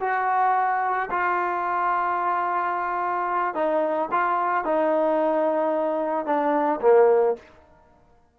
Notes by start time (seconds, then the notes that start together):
0.00 F#4
1.10 F4
3.54 D#4
4.11 F4
4.64 D#4
6.26 D4
6.81 A#3